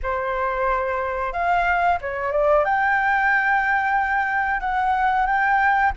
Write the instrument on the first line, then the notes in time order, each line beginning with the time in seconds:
flute
0.02 C5
1.32 F5
2.01 C#5
2.31 D5
2.64 G5
4.60 F#5
5.26 G5